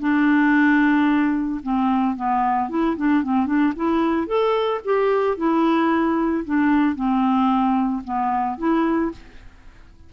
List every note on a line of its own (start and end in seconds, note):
0.00 1.61 D4
1.63 2.16 C4
2.16 2.70 B3
2.70 2.96 E4
2.97 3.24 D4
3.24 3.47 C4
3.47 3.73 D4
3.76 4.27 E4
4.27 4.81 A4
4.85 5.37 G4
5.37 6.44 E4
6.45 6.96 D4
6.96 8.03 C4
8.05 8.58 B3
8.58 9.12 E4